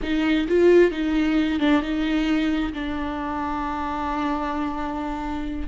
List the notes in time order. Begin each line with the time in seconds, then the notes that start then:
0.02 D#4
0.48 F4
0.91 D#4
1.59 D4
1.82 D#4
2.73 D4